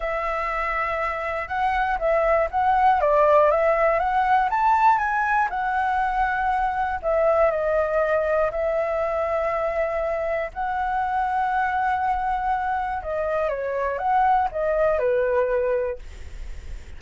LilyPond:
\new Staff \with { instrumentName = "flute" } { \time 4/4 \tempo 4 = 120 e''2. fis''4 | e''4 fis''4 d''4 e''4 | fis''4 a''4 gis''4 fis''4~ | fis''2 e''4 dis''4~ |
dis''4 e''2.~ | e''4 fis''2.~ | fis''2 dis''4 cis''4 | fis''4 dis''4 b'2 | }